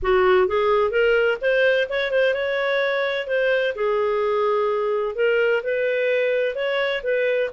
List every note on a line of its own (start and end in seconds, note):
0.02 0.47 F#4
0.47 0.90 G#4
0.90 1.37 A#4
1.41 1.87 C5
1.89 2.11 C#5
2.11 2.34 C5
2.34 3.27 C#5
3.27 3.74 C5
3.75 5.15 G#4
5.15 5.62 A#4
5.63 6.55 B4
6.55 7.02 C#5
7.03 7.50 B4